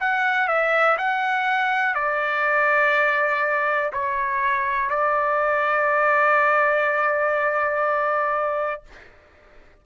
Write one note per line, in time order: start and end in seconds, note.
0.00 0.48 F#5
0.48 0.97 E5
0.98 1.94 F#5
1.94 3.91 D5
3.93 4.90 C#5
4.90 8.83 D5